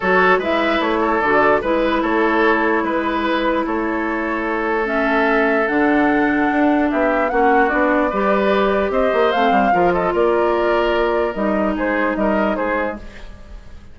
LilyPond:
<<
  \new Staff \with { instrumentName = "flute" } { \time 4/4 \tempo 4 = 148 cis''4 e''4 cis''4 d''4 | b'4 cis''2 b'4~ | b'4 cis''2. | e''2 fis''2~ |
fis''4 e''4 fis''4 d''4~ | d''2 dis''4 f''4~ | f''8 dis''8 d''2. | dis''4 c''4 dis''4 c''4 | }
  \new Staff \with { instrumentName = "oboe" } { \time 4/4 a'4 b'4. a'4. | b'4 a'2 b'4~ | b'4 a'2.~ | a'1~ |
a'4 g'4 fis'2 | b'2 c''2 | ais'8 a'8 ais'2.~ | ais'4 gis'4 ais'4 gis'4 | }
  \new Staff \with { instrumentName = "clarinet" } { \time 4/4 fis'4 e'2 fis'4 | e'1~ | e'1 | cis'2 d'2~ |
d'2 cis'4 d'4 | g'2. c'4 | f'1 | dis'1 | }
  \new Staff \with { instrumentName = "bassoon" } { \time 4/4 fis4 gis4 a4 d4 | gis4 a2 gis4~ | gis4 a2.~ | a2 d2 |
d'4 b4 ais4 b4 | g2 c'8 ais8 a8 g8 | f4 ais2. | g4 gis4 g4 gis4 | }
>>